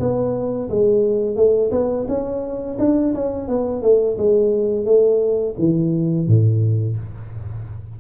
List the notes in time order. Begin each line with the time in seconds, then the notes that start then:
0.00 B3
0.70 G#3
1.36 A3
1.72 B3
2.08 C#4
2.79 D4
3.15 C#4
3.49 B3
3.82 A3
4.18 G#3
4.86 A3
5.59 E3
6.28 A2